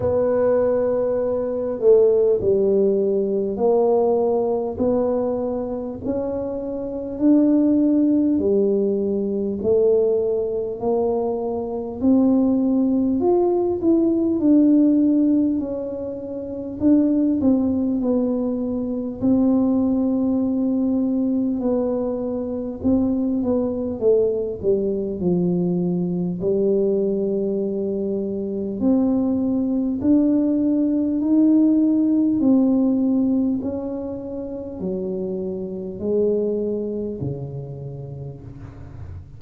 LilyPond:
\new Staff \with { instrumentName = "tuba" } { \time 4/4 \tempo 4 = 50 b4. a8 g4 ais4 | b4 cis'4 d'4 g4 | a4 ais4 c'4 f'8 e'8 | d'4 cis'4 d'8 c'8 b4 |
c'2 b4 c'8 b8 | a8 g8 f4 g2 | c'4 d'4 dis'4 c'4 | cis'4 fis4 gis4 cis4 | }